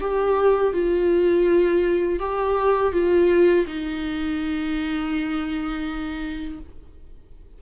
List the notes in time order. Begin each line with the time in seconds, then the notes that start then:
0.00 G4
0.73 F4
2.19 G4
2.92 F4
3.66 D#4